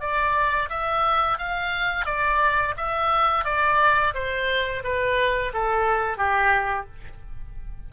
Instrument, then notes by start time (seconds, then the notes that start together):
oboe
0.00 D5
0.69 E5
1.38 F5
2.05 D5
2.77 E5
3.45 D5
4.14 C5
4.83 B4
5.53 A4
6.17 G4